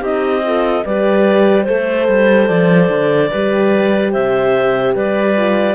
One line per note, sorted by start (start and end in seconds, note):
0.00 0.83 C4
0.00 0.42 D#4
0.00 0.41 G4
0.00 0.85 D#5
0.43 0.84 F4
0.43 0.85 A4
0.85 1.68 G3
0.85 1.66 G4
0.85 1.66 B4
0.85 1.63 D5
1.63 2.08 A3
1.63 3.30 A4
1.63 2.45 C5
1.63 3.30 C5
2.08 2.49 G3
2.47 2.89 F3
2.47 4.11 D5
2.89 3.30 D3
3.30 4.15 G3
3.30 5.36 G4
3.30 4.11 B4
4.11 4.95 C3
4.11 4.93 C5
4.11 4.95 E5
4.94 5.74 G3
4.94 5.74 B4
4.94 5.74 D5
5.36 5.74 F4